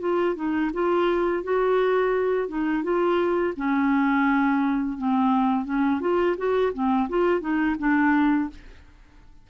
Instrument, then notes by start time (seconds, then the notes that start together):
clarinet
0.00 F4
0.36 D#4
0.74 F4
1.44 F#4
2.48 D#4
2.84 F4
3.57 C#4
4.98 C4
5.65 C#4
6.01 F4
6.38 F#4
6.73 C4
7.09 F4
7.41 D#4
7.79 D4